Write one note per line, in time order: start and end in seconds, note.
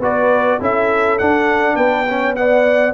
0.00 0.59 B3
0.00 0.60 F#4
0.00 0.59 B4
0.00 0.62 D5
0.60 1.20 C#4
0.60 1.19 E4
0.60 1.76 A4
0.60 1.19 E5
1.19 2.07 D4
1.19 1.75 D4
1.19 1.76 F#5
1.75 2.93 B3
1.75 2.05 B4
1.75 2.35 G5
2.07 2.36 C#4
2.07 2.37 C#5
2.36 2.94 B3
2.36 2.94 D5
2.36 2.94 F#5